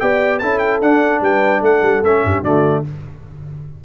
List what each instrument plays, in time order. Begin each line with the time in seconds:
0.00 tuba B3, trombone G4, horn D5, trumpet G5
0.39 tuba C#4, trombone E4, horn A4, trumpet A5
0.59 trumpet G5
0.82 tuba D4, trombone D4, trumpet F#5
1.21 tuba G3, horn B4, trumpet G5
1.62 tuba A3, horn A4, trumpet F#5
1.83 tuba G3
2.04 tuba A3, trombone C#4, trumpet E5
2.24 tuba G2, horn G4
2.43 tuba D3, trombone A3, horn F#4, trumpet D5